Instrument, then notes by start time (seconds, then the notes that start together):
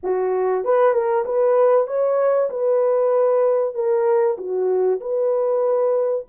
horn
0.03 F#4
0.64 B4
0.93 A#4
1.25 B4
1.87 C#5
2.50 B4
3.74 A#4
4.37 F#4
5.00 B4